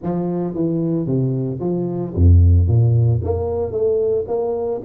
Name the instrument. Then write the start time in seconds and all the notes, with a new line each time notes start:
tuba
0.02 F3
0.54 E3
1.06 C3
1.60 F3
2.14 F2
2.67 A#2
3.24 A#3
3.71 A3
4.27 A#3